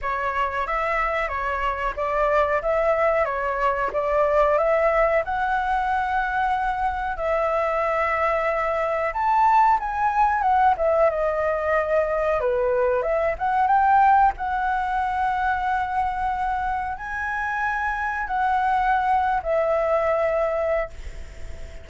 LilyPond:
\new Staff \with { instrumentName = "flute" } { \time 4/4 \tempo 4 = 92 cis''4 e''4 cis''4 d''4 | e''4 cis''4 d''4 e''4 | fis''2. e''4~ | e''2 a''4 gis''4 |
fis''8 e''8 dis''2 b'4 | e''8 fis''8 g''4 fis''2~ | fis''2 gis''2 | fis''4.~ fis''16 e''2~ e''16 | }